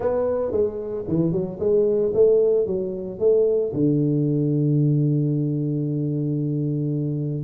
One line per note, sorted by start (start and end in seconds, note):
0.00 0.51 B3
0.51 1.04 G#3
1.07 1.32 E3
1.32 1.58 F#3
1.59 2.12 G#3
2.14 2.66 A3
2.66 3.19 F#3
3.19 3.72 A3
3.73 7.43 D3